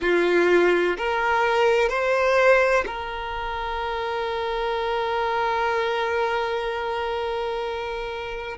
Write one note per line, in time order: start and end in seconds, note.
0.01 0.96 F4
0.97 1.89 A#4
1.89 2.84 C5
2.86 8.57 A#4